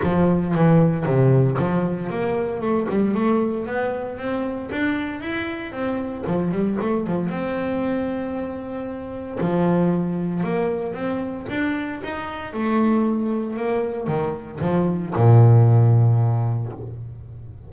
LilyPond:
\new Staff \with { instrumentName = "double bass" } { \time 4/4 \tempo 4 = 115 f4 e4 c4 f4 | ais4 a8 g8 a4 b4 | c'4 d'4 e'4 c'4 | f8 g8 a8 f8 c'2~ |
c'2 f2 | ais4 c'4 d'4 dis'4 | a2 ais4 dis4 | f4 ais,2. | }